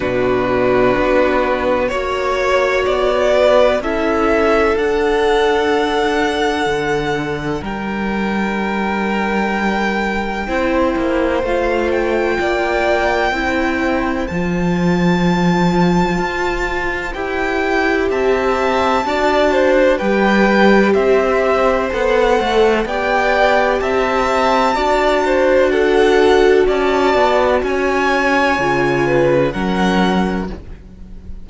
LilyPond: <<
  \new Staff \with { instrumentName = "violin" } { \time 4/4 \tempo 4 = 63 b'2 cis''4 d''4 | e''4 fis''2. | g''1 | f''8 g''2~ g''8 a''4~ |
a''2 g''4 a''4~ | a''4 g''4 e''4 fis''4 | g''4 a''2 fis''4 | a''4 gis''2 fis''4 | }
  \new Staff \with { instrumentName = "violin" } { \time 4/4 fis'2 cis''4. b'8 | a'1 | ais'2. c''4~ | c''4 d''4 c''2~ |
c''2. e''4 | d''8 c''8 b'4 c''2 | d''4 e''4 d''8 c''8 a'4 | d''4 cis''4. b'8 ais'4 | }
  \new Staff \with { instrumentName = "viola" } { \time 4/4 d'2 fis'2 | e'4 d'2.~ | d'2. e'4 | f'2 e'4 f'4~ |
f'2 g'2 | fis'4 g'2 a'4 | g'2 fis'2~ | fis'2 f'4 cis'4 | }
  \new Staff \with { instrumentName = "cello" } { \time 4/4 b,4 b4 ais4 b4 | cis'4 d'2 d4 | g2. c'8 ais8 | a4 ais4 c'4 f4~ |
f4 f'4 e'4 c'4 | d'4 g4 c'4 b8 a8 | b4 c'4 d'2 | cis'8 b8 cis'4 cis4 fis4 | }
>>